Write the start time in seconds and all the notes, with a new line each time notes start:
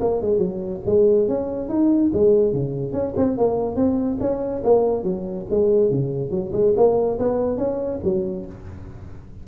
0.00 A#3
0.21 G#3
0.38 F#3
0.86 G#3
1.28 C#4
1.69 D#4
2.13 G#3
2.53 C#3
2.93 C#4
3.17 C4
3.37 A#3
3.75 C4
4.20 C#4
4.64 A#3
5.03 F#3
5.50 G#3
5.90 C#3
6.31 F#3
6.52 G#3
6.76 A#3
7.19 B3
7.57 C#4
8.04 F#3